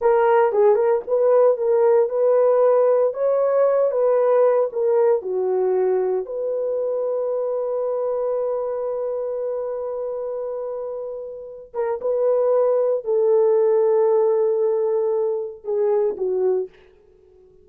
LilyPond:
\new Staff \with { instrumentName = "horn" } { \time 4/4 \tempo 4 = 115 ais'4 gis'8 ais'8 b'4 ais'4 | b'2 cis''4. b'8~ | b'4 ais'4 fis'2 | b'1~ |
b'1~ | b'2~ b'8 ais'8 b'4~ | b'4 a'2.~ | a'2 gis'4 fis'4 | }